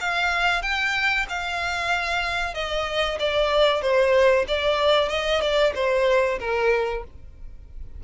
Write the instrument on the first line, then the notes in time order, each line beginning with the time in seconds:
violin
0.00 F5
0.62 G5
1.29 F5
2.54 D#5
3.19 D5
3.81 C5
4.47 D5
5.09 D#5
5.41 D5
5.75 C5
6.39 A#4